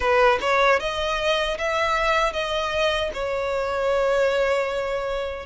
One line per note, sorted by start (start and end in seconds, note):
0.00 0.39 B4
0.41 0.79 C#5
0.79 1.57 D#5
1.58 2.32 E5
2.32 3.10 D#5
3.13 5.45 C#5